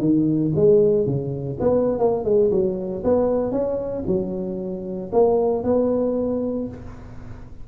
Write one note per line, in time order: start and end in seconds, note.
0.00 0.52 D#3
0.55 1.06 G#3
1.06 1.58 C#3
1.60 1.98 B3
1.98 2.24 A#3
2.24 2.50 G#3
2.50 3.03 F#3
3.04 3.51 B3
3.51 4.03 C#4
4.06 5.11 F#3
5.12 5.63 A#3
5.63 6.68 B3